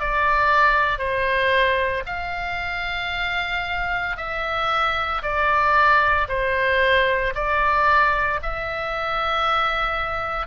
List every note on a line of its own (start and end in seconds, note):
0.00 0.98 D5
0.98 2.03 C5
2.06 4.17 F5
4.17 5.22 E5
5.22 6.28 D5
6.28 7.33 C5
7.35 8.40 D5
8.43 10.46 E5